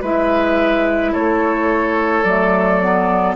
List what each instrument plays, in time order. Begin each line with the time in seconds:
0.00 bassoon G#3, clarinet E4, oboe B4, flute E5
1.12 bassoon A3, oboe A4, flute C#5
2.23 bassoon F#3, clarinet A3, flute D5
2.81 clarinet B3